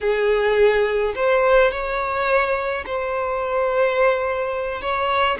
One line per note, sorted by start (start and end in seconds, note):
0.00 1.13 G#4
1.15 1.71 C5
1.71 2.84 C#5
2.86 4.81 C5
4.81 5.38 C#5